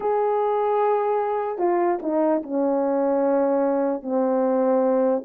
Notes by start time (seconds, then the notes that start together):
0.00 G#4
1.58 F4
2.02 D#4
2.43 C#4
4.02 C4